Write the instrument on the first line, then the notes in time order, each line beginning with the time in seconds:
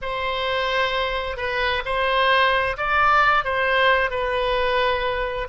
oboe
0.01 C5
1.36 B4
1.85 C5
2.77 D5
3.44 C5
4.10 B4